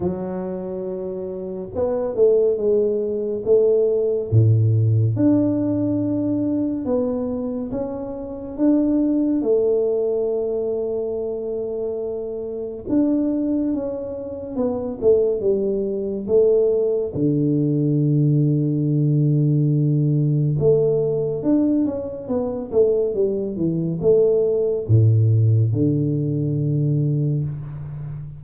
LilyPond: \new Staff \with { instrumentName = "tuba" } { \time 4/4 \tempo 4 = 70 fis2 b8 a8 gis4 | a4 a,4 d'2 | b4 cis'4 d'4 a4~ | a2. d'4 |
cis'4 b8 a8 g4 a4 | d1 | a4 d'8 cis'8 b8 a8 g8 e8 | a4 a,4 d2 | }